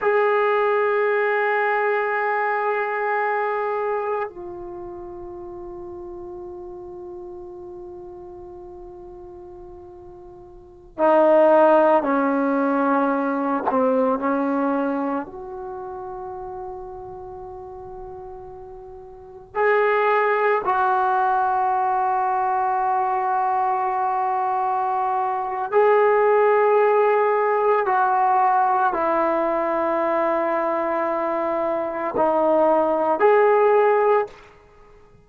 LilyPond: \new Staff \with { instrumentName = "trombone" } { \time 4/4 \tempo 4 = 56 gis'1 | f'1~ | f'2~ f'16 dis'4 cis'8.~ | cis'8. c'8 cis'4 fis'4.~ fis'16~ |
fis'2~ fis'16 gis'4 fis'8.~ | fis'1 | gis'2 fis'4 e'4~ | e'2 dis'4 gis'4 | }